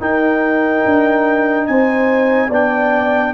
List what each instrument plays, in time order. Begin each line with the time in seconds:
0.00 trombone D#4, tuba D#4, horn A#4, trumpet G5
0.86 tuba D4
1.67 tuba C4, horn C5, trumpet G#5
2.49 tuba B3, trombone D4, horn D5, trumpet G5